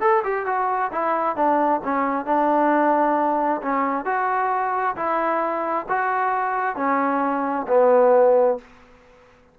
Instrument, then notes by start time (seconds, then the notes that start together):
trombone
0.00 A4
0.24 G4
0.46 F#4
0.92 E4
1.36 D4
1.84 C#4
2.25 D4
3.62 C#4
4.05 F#4
4.96 E4
5.89 F#4
6.76 C#4
7.68 B3